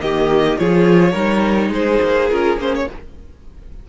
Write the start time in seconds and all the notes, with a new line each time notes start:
0.00 D#3 A#3 G4 D#5
0.58 F3 F4 G#4 C#5
1.12 G3 D#4 A#4
1.70 G#3 G#4 C5
2.02 A#3
2.30 C#4 F4 A#4
2.57 A#3 C#4 C5
2.75 C#5